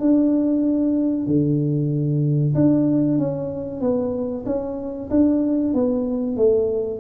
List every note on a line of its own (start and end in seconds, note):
0.00 1.27 D4
1.27 2.54 D3
2.55 3.19 D4
3.19 3.81 C#4
3.81 4.45 B3
4.46 5.10 C#4
5.11 5.74 D4
5.74 6.37 B3
6.37 7.00 A3